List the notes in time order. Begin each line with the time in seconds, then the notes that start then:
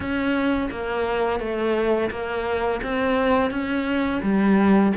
0.00 C#4
0.71 A#3
1.39 A3
2.10 A#3
2.82 C4
3.50 C#4
4.22 G3